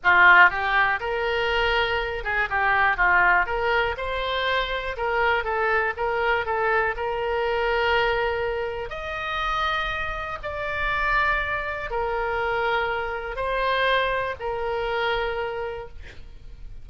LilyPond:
\new Staff \with { instrumentName = "oboe" } { \time 4/4 \tempo 4 = 121 f'4 g'4 ais'2~ | ais'8 gis'8 g'4 f'4 ais'4 | c''2 ais'4 a'4 | ais'4 a'4 ais'2~ |
ais'2 dis''2~ | dis''4 d''2. | ais'2. c''4~ | c''4 ais'2. | }